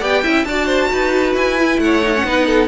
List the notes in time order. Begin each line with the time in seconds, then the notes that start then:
0.00 B3 G4 D5 G5
0.24 C#4 E4 E5
0.45 D4 F#4 D5 A5
0.66 C5
0.92 D#4 B4
1.34 E4 G#5
1.60 E4
1.78 A3 F#5
1.84 C#5
2.03 D#4
2.15 C#4
2.25 B3 D#4 B4
2.46 A4